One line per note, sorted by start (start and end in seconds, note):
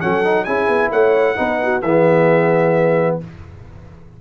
0.00 0.47 F#3
0.00 0.23 C#4
0.00 0.45 A4
0.00 0.44 F#5
0.23 0.46 D#4
0.44 0.68 C#4
0.44 1.36 E4
0.44 0.90 G#4
0.44 0.89 G#5
0.68 0.91 B3
0.91 1.37 A3
0.91 1.36 C#5
0.91 1.81 F#5
1.36 1.82 B3
1.36 1.81 D#4
1.36 1.59 B4
1.63 1.84 F#4
1.81 3.18 E3
1.81 3.21 B3
1.81 3.19 G#4
1.81 3.17 E5